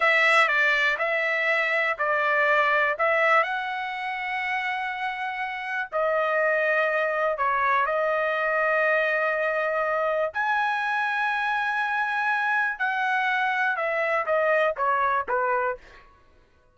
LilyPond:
\new Staff \with { instrumentName = "trumpet" } { \time 4/4 \tempo 4 = 122 e''4 d''4 e''2 | d''2 e''4 fis''4~ | fis''1 | dis''2. cis''4 |
dis''1~ | dis''4 gis''2.~ | gis''2 fis''2 | e''4 dis''4 cis''4 b'4 | }